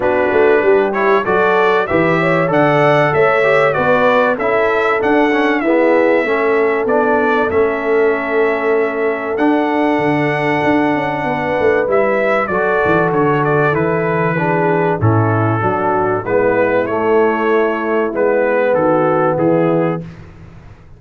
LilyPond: <<
  \new Staff \with { instrumentName = "trumpet" } { \time 4/4 \tempo 4 = 96 b'4. cis''8 d''4 e''4 | fis''4 e''4 d''4 e''4 | fis''4 e''2 d''4 | e''2. fis''4~ |
fis''2. e''4 | d''4 cis''8 d''8 b'2 | a'2 b'4 cis''4~ | cis''4 b'4 a'4 gis'4 | }
  \new Staff \with { instrumentName = "horn" } { \time 4/4 fis'4 g'4 a'4 b'8 cis''8 | d''4 cis''4 b'4 a'4~ | a'4 gis'4 a'2~ | a'1~ |
a'2 b'2 | a'2. gis'4 | e'4 fis'4 e'2~ | e'2 fis'4 e'4 | }
  \new Staff \with { instrumentName = "trombone" } { \time 4/4 d'4. e'8 fis'4 g'4 | a'4. g'8 fis'4 e'4 | d'8 cis'8 b4 cis'4 d'4 | cis'2. d'4~ |
d'2. e'4 | fis'2 e'4 d'4 | cis'4 d'4 b4 a4~ | a4 b2. | }
  \new Staff \with { instrumentName = "tuba" } { \time 4/4 b8 a8 g4 fis4 e4 | d4 a4 b4 cis'4 | d'4 e'4 a4 b4 | a2. d'4 |
d4 d'8 cis'8 b8 a8 g4 | fis8 e8 d4 e2 | a,4 fis4 gis4 a4~ | a4 gis4 dis4 e4 | }
>>